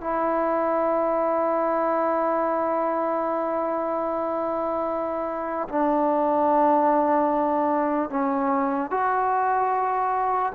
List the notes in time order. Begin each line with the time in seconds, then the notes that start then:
0.00 E4
5.69 D4
8.09 C#4
8.90 F#4